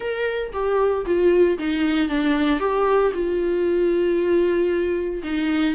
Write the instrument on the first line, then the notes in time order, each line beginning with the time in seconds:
viola
0.00 A#4
0.52 G4
1.05 F4
1.58 D#4
2.08 D4
2.59 G4
3.13 F4
5.23 D#4